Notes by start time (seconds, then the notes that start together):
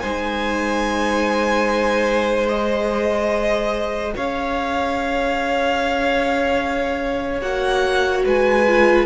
0.00 G#3 D#4 C5 G#5
2.49 G#4 D#5
4.16 C#4 C#5 F5
7.41 A#3 F#4 F#5
8.25 G#3 B4 G#5
8.68 F4